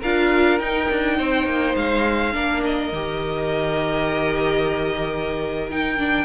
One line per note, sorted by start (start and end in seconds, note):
0.00 0.59 D4
0.00 0.61 F4
0.00 1.17 A#4
0.00 0.59 F5
0.59 0.88 D#4
0.59 2.33 D#4
0.59 1.75 G5
0.90 1.19 D4
1.17 1.46 C4
1.17 2.34 C5
1.46 1.75 A#3
1.76 2.34 G#3
1.76 2.63 F5
2.33 2.92 A#3
2.33 2.91 D4
2.33 6.25 A#4
2.64 5.70 D#5
2.92 6.25 D#3
2.92 5.70 G4
5.70 5.98 D#4
5.70 6.25 G5
5.98 6.25 D4